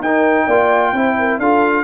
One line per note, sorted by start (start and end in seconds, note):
0.00 0.47 D#4
0.00 0.50 D#4
0.00 0.45 A#4
0.00 1.40 G5
0.45 0.92 A#3
0.45 0.96 F4
0.45 0.92 D5
0.92 1.39 C4
0.92 1.42 E4
0.92 1.17 C5
1.19 1.39 A#4
1.39 1.84 D4
1.39 1.84 F4
1.39 1.84 A4
1.39 1.84 F5